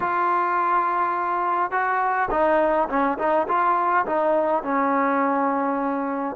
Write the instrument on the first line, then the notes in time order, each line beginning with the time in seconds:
trombone
0.00 F4
1.71 F#4
2.31 D#4
2.89 C#4
3.18 D#4
3.48 F4
4.05 D#4
4.63 C#4